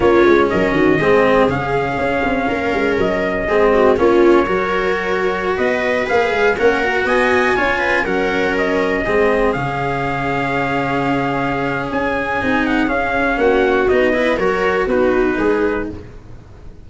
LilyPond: <<
  \new Staff \with { instrumentName = "trumpet" } { \time 4/4 \tempo 4 = 121 cis''4 dis''2 f''4~ | f''2 dis''2 | cis''2.~ cis''16 dis''8.~ | dis''16 f''4 fis''4 gis''4.~ gis''16~ |
gis''16 fis''4 dis''2 f''8.~ | f''1 | gis''4. fis''8 f''4 fis''4 | dis''4 cis''4 b'2 | }
  \new Staff \with { instrumentName = "viola" } { \time 4/4 f'4 ais'8 fis'8 gis'2~ | gis'4 ais'2 gis'8 fis'8 | f'4 ais'2~ ais'16 b'8.~ | b'4~ b'16 ais'4 dis''4 cis''8 b'16~ |
b'16 ais'2 gis'4.~ gis'16~ | gis'1~ | gis'2. fis'4~ | fis'8 b'8 ais'4 fis'4 gis'4 | }
  \new Staff \with { instrumentName = "cello" } { \time 4/4 cis'2 c'4 cis'4~ | cis'2. c'4 | cis'4 fis'2.~ | fis'16 gis'4 cis'8 fis'4. f'8.~ |
f'16 cis'2 c'4 cis'8.~ | cis'1~ | cis'4 dis'4 cis'2 | dis'8 e'8 fis'4 dis'2 | }
  \new Staff \with { instrumentName = "tuba" } { \time 4/4 ais8 gis8 fis8 dis8 gis4 cis4 | cis'8 c'8 ais8 gis8 fis4 gis4 | ais4 fis2~ fis16 b8.~ | b16 ais8 gis8 ais4 b4 cis'8.~ |
cis'16 fis2 gis4 cis8.~ | cis1 | cis'4 c'4 cis'4 ais4 | b4 fis4 b4 gis4 | }
>>